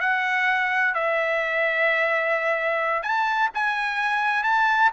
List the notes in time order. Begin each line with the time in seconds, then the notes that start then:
0.00 F#5
0.94 E5
3.02 A5
3.54 G#5
4.43 A5